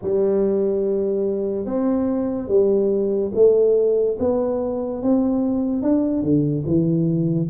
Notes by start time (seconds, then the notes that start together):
0.02 G3
1.65 C4
2.48 G3
3.34 A3
4.19 B3
5.02 C4
5.82 D4
6.22 D3
6.66 E3